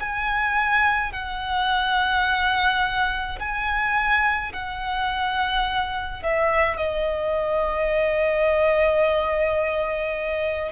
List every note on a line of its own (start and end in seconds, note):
0.00 1.12 G#5
1.12 3.39 F#5
3.39 4.52 G#5
4.53 6.23 F#5
6.23 6.77 E5
6.77 10.72 D#5